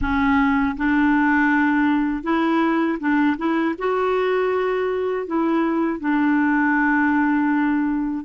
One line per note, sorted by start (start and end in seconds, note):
0.01 0.76 C#4
0.76 2.23 D4
2.23 2.98 E4
2.99 3.36 D4
3.37 3.75 E4
3.78 5.26 F#4
5.26 6.00 E4
6.00 8.25 D4